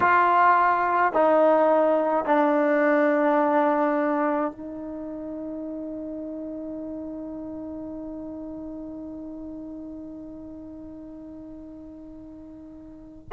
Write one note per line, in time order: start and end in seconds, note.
0.00 1.13 F4
1.13 2.25 D#4
2.25 4.51 D4
4.51 13.29 D#4